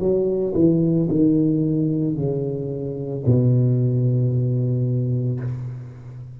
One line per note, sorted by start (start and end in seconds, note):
0.00 0.54 F#3
0.55 1.08 E3
1.10 2.16 D#3
2.16 3.23 C#3
3.26 5.40 B2